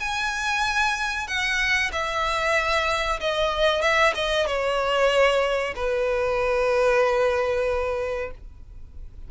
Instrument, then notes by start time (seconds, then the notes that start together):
violin
0.00 G#5
1.27 F#5
1.92 E5
3.20 D#5
3.82 E5
4.15 D#5
4.47 C#5
5.76 B4